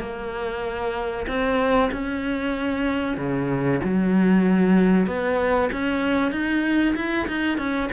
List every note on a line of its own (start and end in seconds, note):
0.00 1.26 A#3
1.27 1.90 C4
1.92 3.17 C#4
3.17 3.80 C#3
3.84 5.06 F#3
5.06 5.70 B3
5.72 6.31 C#4
6.31 6.94 D#4
6.95 7.27 E4
7.27 7.58 D#4
7.58 7.89 C#4